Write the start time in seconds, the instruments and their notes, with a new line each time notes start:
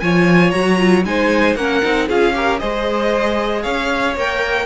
0.00 cello F3, viola F4, violin C#5 G#5
0.51 cello F#3, viola F#4, violin A#5
0.79 viola F4
1.05 cello G#3, viola D#4, violin C5 G#5
1.56 cello A#3, viola C#4, violin A#4 F#5
1.83 cello C4, viola D#4
2.08 cello C#4, viola F4, violin G#4 F5
2.34 viola G4, violin A#4
2.59 cello G#3, viola G#4, violin C5 D#5
3.63 cello C#4, violin C#5 F5
4.17 cello A#3, viola A#4, violin G5